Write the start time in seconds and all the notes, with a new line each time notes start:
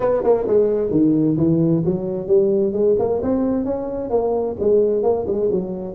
0.00 B3
0.23 A#3
0.47 G#3
0.90 D#3
1.37 E3
1.85 F#3
2.27 G3
2.72 G#3
2.99 A#3
3.22 C4
3.65 C#4
4.10 A#3
4.59 G#3
5.03 A#3
5.27 G#3
5.51 F#3